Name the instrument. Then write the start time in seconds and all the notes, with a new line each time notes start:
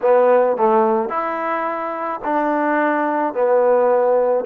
trombone
0.01 B3
0.56 A3
1.09 E4
2.24 D4
3.33 B3